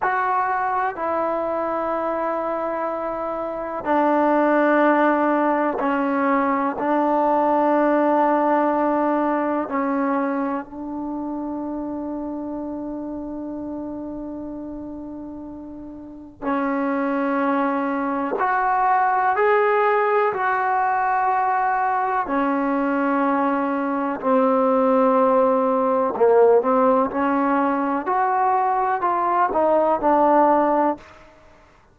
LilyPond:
\new Staff \with { instrumentName = "trombone" } { \time 4/4 \tempo 4 = 62 fis'4 e'2. | d'2 cis'4 d'4~ | d'2 cis'4 d'4~ | d'1~ |
d'4 cis'2 fis'4 | gis'4 fis'2 cis'4~ | cis'4 c'2 ais8 c'8 | cis'4 fis'4 f'8 dis'8 d'4 | }